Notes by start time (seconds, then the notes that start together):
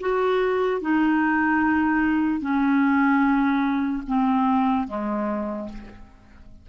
0.00 F#4
0.81 D#4
2.40 C#4
4.07 C4
4.88 G#3